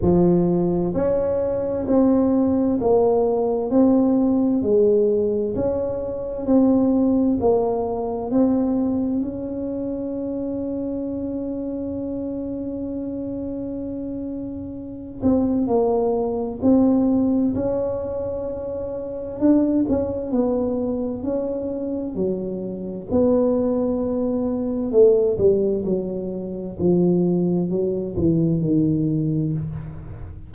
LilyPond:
\new Staff \with { instrumentName = "tuba" } { \time 4/4 \tempo 4 = 65 f4 cis'4 c'4 ais4 | c'4 gis4 cis'4 c'4 | ais4 c'4 cis'2~ | cis'1~ |
cis'8 c'8 ais4 c'4 cis'4~ | cis'4 d'8 cis'8 b4 cis'4 | fis4 b2 a8 g8 | fis4 f4 fis8 e8 dis4 | }